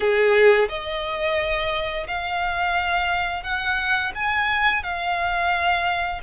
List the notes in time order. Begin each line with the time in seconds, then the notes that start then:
0.00 G#4
0.69 D#5
2.07 F5
3.43 F#5
4.14 G#5
4.83 F5